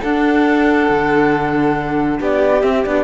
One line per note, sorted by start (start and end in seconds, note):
0.00 2.62 D4
0.00 0.89 D4
0.00 2.17 A4
0.00 2.20 F#5
0.89 2.19 D3
2.20 2.63 B3
2.20 3.03 G4
2.20 2.62 D5
2.62 2.84 C4
2.62 2.85 C4
2.62 2.84 E5
2.84 3.03 B3
2.84 3.03 D4
2.84 3.03 D5